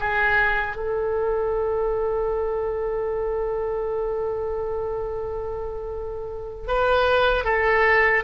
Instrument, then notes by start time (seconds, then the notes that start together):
oboe
0.00 G#4
0.76 A4
6.68 B4
7.45 A4